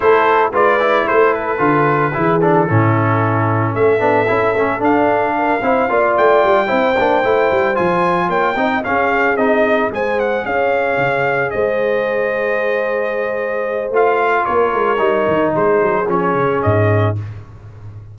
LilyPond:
<<
  \new Staff \with { instrumentName = "trumpet" } { \time 4/4 \tempo 4 = 112 c''4 d''4 c''8 b'4.~ | b'8 a'2~ a'8 e''4~ | e''4 f''2~ f''8 g''8~ | g''2~ g''8 gis''4 g''8~ |
g''8 f''4 dis''4 gis''8 fis''8 f''8~ | f''4. dis''2~ dis''8~ | dis''2 f''4 cis''4~ | cis''4 c''4 cis''4 dis''4 | }
  \new Staff \with { instrumentName = "horn" } { \time 4/4 a'4 b'4 a'2 | gis'4 e'2 a'4~ | a'2 ais'8 c''8 d''4~ | d''8 c''2. cis''8 |
dis''8 gis'2 c''4 cis''8~ | cis''4. c''2~ c''8~ | c''2. ais'4~ | ais'4 gis'2. | }
  \new Staff \with { instrumentName = "trombone" } { \time 4/4 e'4 f'8 e'4. f'4 | e'8 d'8 cis'2~ cis'8 d'8 | e'8 cis'8 d'4. e'8 f'4~ | f'8 e'8 d'8 e'4 f'4. |
dis'8 cis'4 dis'4 gis'4.~ | gis'1~ | gis'2 f'2 | dis'2 cis'2 | }
  \new Staff \with { instrumentName = "tuba" } { \time 4/4 a4 gis4 a4 d4 | e4 a,2 a8 b8 | cis'8 a8 d'4. c'8 ais8 a8 | g8 c'8 ais8 a8 g8 f4 ais8 |
c'8 cis'4 c'4 gis4 cis'8~ | cis'8 cis4 gis2~ gis8~ | gis2 a4 ais8 gis8 | g8 dis8 gis8 fis8 f8 cis8 gis,4 | }
>>